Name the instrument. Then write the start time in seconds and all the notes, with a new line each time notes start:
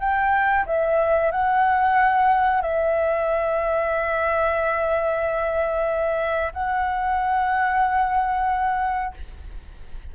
flute
0.00 G5
0.66 E5
1.31 F#5
2.61 E5
6.53 F#5